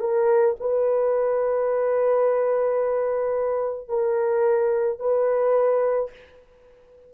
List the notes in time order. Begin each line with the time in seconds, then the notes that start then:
0.00 A#4
0.60 B4
3.88 A#4
4.99 B4